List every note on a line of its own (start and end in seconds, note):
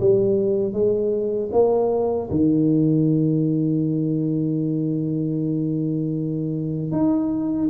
0.00 0.73 G3
0.73 1.50 G#3
1.52 2.29 A#3
2.30 6.92 D#3
6.92 7.69 D#4